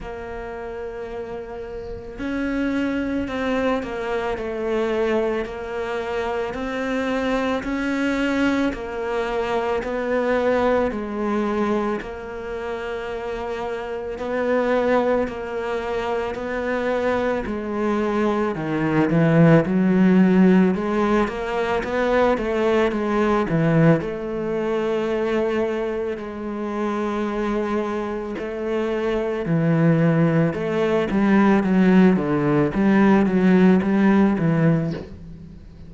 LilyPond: \new Staff \with { instrumentName = "cello" } { \time 4/4 \tempo 4 = 55 ais2 cis'4 c'8 ais8 | a4 ais4 c'4 cis'4 | ais4 b4 gis4 ais4~ | ais4 b4 ais4 b4 |
gis4 dis8 e8 fis4 gis8 ais8 | b8 a8 gis8 e8 a2 | gis2 a4 e4 | a8 g8 fis8 d8 g8 fis8 g8 e8 | }